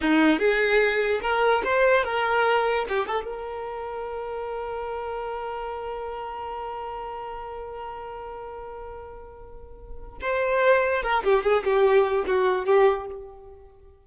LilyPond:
\new Staff \with { instrumentName = "violin" } { \time 4/4 \tempo 4 = 147 dis'4 gis'2 ais'4 | c''4 ais'2 g'8 a'8 | ais'1~ | ais'1~ |
ais'1~ | ais'1~ | ais'4 c''2 ais'8 g'8 | gis'8 g'4. fis'4 g'4 | }